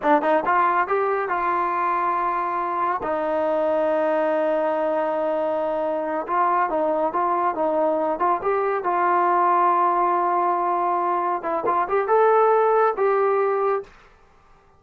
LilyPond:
\new Staff \with { instrumentName = "trombone" } { \time 4/4 \tempo 4 = 139 d'8 dis'8 f'4 g'4 f'4~ | f'2. dis'4~ | dis'1~ | dis'2~ dis'8 f'4 dis'8~ |
dis'8 f'4 dis'4. f'8 g'8~ | g'8 f'2.~ f'8~ | f'2~ f'8 e'8 f'8 g'8 | a'2 g'2 | }